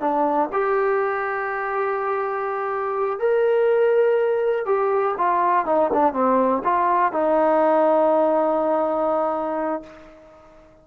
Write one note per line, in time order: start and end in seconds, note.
0.00 0.49 D4
0.52 3.19 G4
3.19 4.65 A#4
4.65 5.14 G4
5.18 5.66 F4
5.66 5.90 D#4
5.93 6.13 D4
6.13 6.62 C4
6.64 7.12 F4
7.12 9.83 D#4